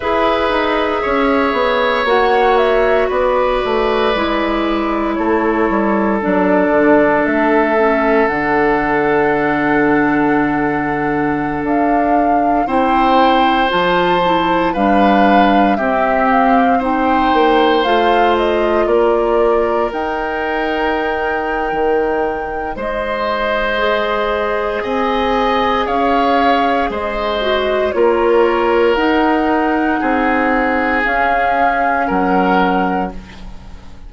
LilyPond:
<<
  \new Staff \with { instrumentName = "flute" } { \time 4/4 \tempo 4 = 58 e''2 fis''8 e''8 d''4~ | d''4 cis''4 d''4 e''4 | fis''2.~ fis''16 f''8.~ | f''16 g''4 a''4 f''4 e''8 f''16~ |
f''16 g''4 f''8 dis''8 d''4 g''8.~ | g''2 dis''2 | gis''4 f''4 dis''4 cis''4 | fis''2 f''4 fis''4 | }
  \new Staff \with { instrumentName = "oboe" } { \time 4/4 b'4 cis''2 b'4~ | b'4 a'2.~ | a'1~ | a'16 c''2 b'4 g'8.~ |
g'16 c''2 ais'4.~ ais'16~ | ais'2 c''2 | dis''4 cis''4 c''4 ais'4~ | ais'4 gis'2 ais'4 | }
  \new Staff \with { instrumentName = "clarinet" } { \time 4/4 gis'2 fis'2 | e'2 d'4. cis'8 | d'1~ | d'16 e'4 f'8 e'8 d'4 c'8.~ |
c'16 dis'4 f'2 dis'8.~ | dis'2. gis'4~ | gis'2~ gis'8 fis'8 f'4 | dis'2 cis'2 | }
  \new Staff \with { instrumentName = "bassoon" } { \time 4/4 e'8 dis'8 cis'8 b8 ais4 b8 a8 | gis4 a8 g8 fis8 d8 a4 | d2.~ d16 d'8.~ | d'16 c'4 f4 g4 c'8.~ |
c'8. ais8 a4 ais4 dis'8.~ | dis'4 dis4 gis2 | c'4 cis'4 gis4 ais4 | dis'4 c'4 cis'4 fis4 | }
>>